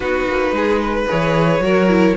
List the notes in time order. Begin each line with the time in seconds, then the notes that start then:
0.00 B3 D#4 F#4 B4
0.27 A#3
0.51 G#3 G#4
0.82 B4
1.07 E3 G#4 C#5
1.59 F#3 F#4 A#4
1.89 E4